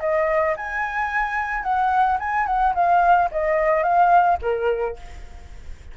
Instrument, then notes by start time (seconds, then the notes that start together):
flute
0.00 D#5
0.57 G#5
1.63 F#5
2.20 G#5
2.47 F#5
2.75 F5
3.32 D#5
3.83 F5
4.42 A#4